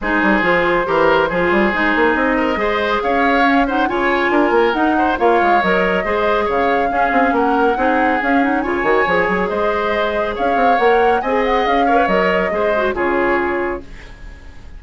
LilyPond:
<<
  \new Staff \with { instrumentName = "flute" } { \time 4/4 \tempo 4 = 139 c''1~ | c''4 dis''2 f''4~ | f''8 fis''8 gis''2 fis''4 | f''4 dis''2 f''4~ |
f''4 fis''2 f''8 fis''8 | gis''2 dis''2 | f''4 fis''4 gis''8 fis''8 f''4 | dis''2 cis''2 | }
  \new Staff \with { instrumentName = "oboe" } { \time 4/4 gis'2 ais'4 gis'4~ | gis'4. ais'8 c''4 cis''4~ | cis''8 c''8 cis''4 ais'4. c''8 | cis''2 c''4 cis''4 |
gis'4 ais'4 gis'2 | cis''2 c''2 | cis''2 dis''4. cis''8~ | cis''4 c''4 gis'2 | }
  \new Staff \with { instrumentName = "clarinet" } { \time 4/4 dis'4 f'4 g'4 f'4 | dis'2 gis'2 | cis'8 dis'8 f'2 dis'4 | f'4 ais'4 gis'2 |
cis'2 dis'4 cis'8 dis'8 | f'8 fis'8 gis'2.~ | gis'4 ais'4 gis'4. ais'16 b'16 | ais'4 gis'8 fis'8 f'2 | }
  \new Staff \with { instrumentName = "bassoon" } { \time 4/4 gis8 g8 f4 e4 f8 g8 | gis8 ais8 c'4 gis4 cis'4~ | cis'4 cis4 d'8 ais8 dis'4 | ais8 gis8 fis4 gis4 cis4 |
cis'8 c'8 ais4 c'4 cis'4 | cis8 dis8 f8 fis8 gis2 | cis'8 c'8 ais4 c'4 cis'4 | fis4 gis4 cis2 | }
>>